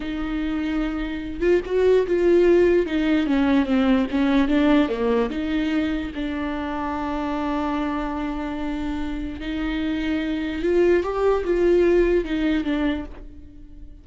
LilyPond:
\new Staff \with { instrumentName = "viola" } { \time 4/4 \tempo 4 = 147 dis'2.~ dis'8 f'8 | fis'4 f'2 dis'4 | cis'4 c'4 cis'4 d'4 | ais4 dis'2 d'4~ |
d'1~ | d'2. dis'4~ | dis'2 f'4 g'4 | f'2 dis'4 d'4 | }